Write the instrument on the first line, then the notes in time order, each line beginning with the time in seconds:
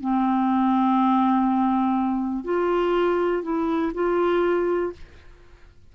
clarinet
0.00 C4
2.44 F4
3.42 E4
3.94 F4